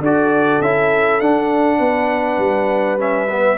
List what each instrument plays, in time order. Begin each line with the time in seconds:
0.00 tuba D4, trombone F#4, horn A4, trumpet D5
0.61 tuba C#4, trombone E4, trumpet E5
1.20 tuba D4, trombone D4, trumpet F#5
1.78 tuba B3, horn B4
2.38 tuba G3
2.98 trombone C#4, trumpet E5
3.29 trombone B3